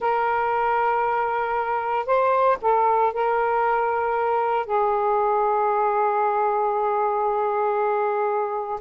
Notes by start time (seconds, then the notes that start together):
0.00 A#4
2.05 C5
2.61 A4
3.13 A#4
4.66 G#4